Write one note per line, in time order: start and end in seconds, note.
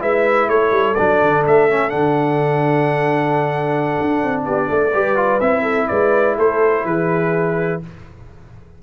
0.00 0.49 G#3
0.00 0.96 E4
0.00 0.50 B4
0.00 0.50 E5
0.49 0.72 A3
0.49 4.46 A4
0.49 0.95 C#5
0.72 0.96 G3
0.95 1.23 F#3
0.95 1.70 D4
0.95 1.43 D5
1.23 1.47 D3
1.47 1.94 A3
1.47 1.90 E5
1.70 1.90 C#4
1.90 3.98 D3
1.90 4.90 D4
1.90 4.42 F#5
4.01 4.24 D4
4.24 4.46 C4
4.46 4.70 B3
4.46 4.69 G4
4.46 5.41 D5
4.69 4.95 A3
4.69 4.93 A4
4.94 5.41 G3
4.94 5.16 G4
4.94 5.63 B4
5.16 5.40 F4
5.41 5.89 C4
5.41 7.83 E4
5.41 5.88 E5
5.63 5.87 A4
5.88 6.38 G#3
5.88 6.37 B4
5.88 6.36 D5
6.37 6.85 A3
6.37 6.85 A4
6.37 6.86 C5
6.85 7.81 E3
6.85 7.82 G#4
6.85 7.82 B4